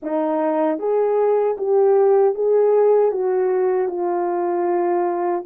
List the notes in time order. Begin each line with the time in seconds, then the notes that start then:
0.02 D#4
0.78 G#4
1.57 G4
2.34 G#4
3.11 F#4
3.88 F4